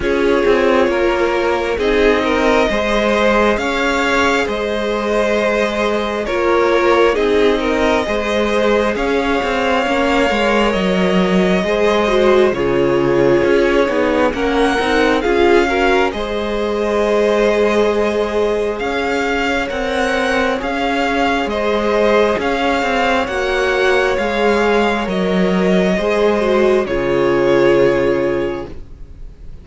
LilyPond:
<<
  \new Staff \with { instrumentName = "violin" } { \time 4/4 \tempo 4 = 67 cis''2 dis''2 | f''4 dis''2 cis''4 | dis''2 f''2 | dis''2 cis''2 |
fis''4 f''4 dis''2~ | dis''4 f''4 fis''4 f''4 | dis''4 f''4 fis''4 f''4 | dis''2 cis''2 | }
  \new Staff \with { instrumentName = "violin" } { \time 4/4 gis'4 ais'4 gis'8 ais'8 c''4 | cis''4 c''2 ais'4 | gis'8 ais'8 c''4 cis''2~ | cis''4 c''4 gis'2 |
ais'4 gis'8 ais'8 c''2~ | c''4 cis''2. | c''4 cis''2.~ | cis''4 c''4 gis'2 | }
  \new Staff \with { instrumentName = "viola" } { \time 4/4 f'2 dis'4 gis'4~ | gis'2. f'4 | dis'4 gis'2 cis'8 ais'8~ | ais'4 gis'8 fis'8 f'4. dis'8 |
cis'8 dis'8 f'8 fis'8 gis'2~ | gis'2 ais'4 gis'4~ | gis'2 fis'4 gis'4 | ais'4 gis'8 fis'8 f'2 | }
  \new Staff \with { instrumentName = "cello" } { \time 4/4 cis'8 c'8 ais4 c'4 gis4 | cis'4 gis2 ais4 | c'4 gis4 cis'8 c'8 ais8 gis8 | fis4 gis4 cis4 cis'8 b8 |
ais8 c'8 cis'4 gis2~ | gis4 cis'4 c'4 cis'4 | gis4 cis'8 c'8 ais4 gis4 | fis4 gis4 cis2 | }
>>